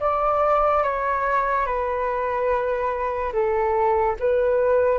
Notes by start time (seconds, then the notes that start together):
0.00 D5
0.83 C#5
1.66 B4
3.33 A4
4.20 B4